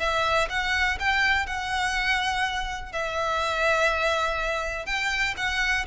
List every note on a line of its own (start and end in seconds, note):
0.00 0.49 E5
0.50 0.99 F#5
1.00 1.47 G5
1.47 2.93 F#5
2.93 4.86 E5
4.86 5.35 G5
5.37 5.86 F#5